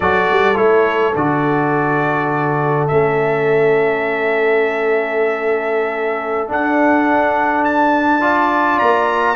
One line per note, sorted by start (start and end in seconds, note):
0.00 0.28 F#3
0.00 0.55 F#4
0.00 8.20 A4
0.00 0.56 D5
0.30 0.57 G3
0.55 1.14 A3
0.55 1.13 E4
0.55 1.14 C#5
1.15 2.88 D3
1.15 2.89 F#4
1.15 2.87 D5
2.87 6.50 A3
2.87 6.48 C#4
2.87 6.48 E5
6.48 8.20 D4
6.48 8.81 D4
6.48 7.64 F#5
7.64 8.78 A5
8.20 9.35 F4
8.20 9.36 D5
8.78 9.36 A#3
8.78 9.36 A#5